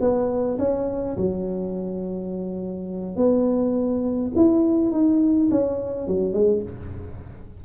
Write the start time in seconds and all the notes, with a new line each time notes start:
0.00 B3
0.59 C#4
1.17 F#3
3.16 B3
4.36 E4
4.91 D#4
5.51 C#4
6.07 F#3
6.33 G#3